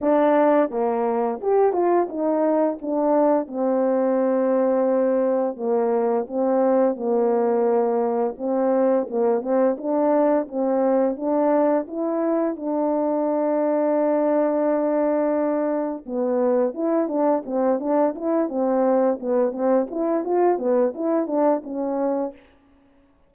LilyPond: \new Staff \with { instrumentName = "horn" } { \time 4/4 \tempo 4 = 86 d'4 ais4 g'8 f'8 dis'4 | d'4 c'2. | ais4 c'4 ais2 | c'4 ais8 c'8 d'4 c'4 |
d'4 e'4 d'2~ | d'2. b4 | e'8 d'8 c'8 d'8 e'8 c'4 b8 | c'8 e'8 f'8 b8 e'8 d'8 cis'4 | }